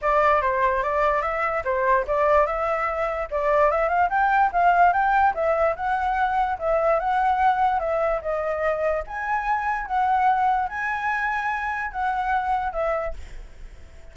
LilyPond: \new Staff \with { instrumentName = "flute" } { \time 4/4 \tempo 4 = 146 d''4 c''4 d''4 e''4 | c''4 d''4 e''2 | d''4 e''8 f''8 g''4 f''4 | g''4 e''4 fis''2 |
e''4 fis''2 e''4 | dis''2 gis''2 | fis''2 gis''2~ | gis''4 fis''2 e''4 | }